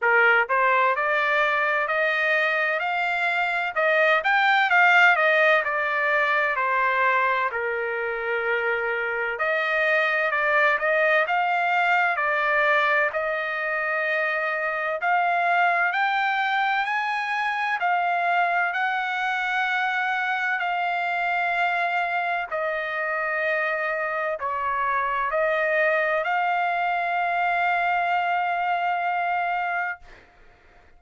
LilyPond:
\new Staff \with { instrumentName = "trumpet" } { \time 4/4 \tempo 4 = 64 ais'8 c''8 d''4 dis''4 f''4 | dis''8 g''8 f''8 dis''8 d''4 c''4 | ais'2 dis''4 d''8 dis''8 | f''4 d''4 dis''2 |
f''4 g''4 gis''4 f''4 | fis''2 f''2 | dis''2 cis''4 dis''4 | f''1 | }